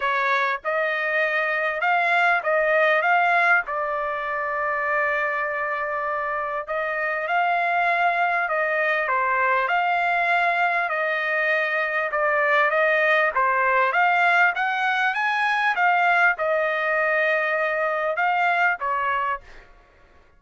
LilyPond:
\new Staff \with { instrumentName = "trumpet" } { \time 4/4 \tempo 4 = 99 cis''4 dis''2 f''4 | dis''4 f''4 d''2~ | d''2. dis''4 | f''2 dis''4 c''4 |
f''2 dis''2 | d''4 dis''4 c''4 f''4 | fis''4 gis''4 f''4 dis''4~ | dis''2 f''4 cis''4 | }